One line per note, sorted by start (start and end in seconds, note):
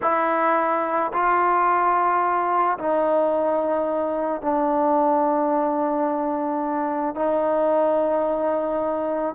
0.02 1.12 E4
1.13 2.78 F4
2.78 4.41 D#4
4.41 7.15 D4
7.15 9.35 D#4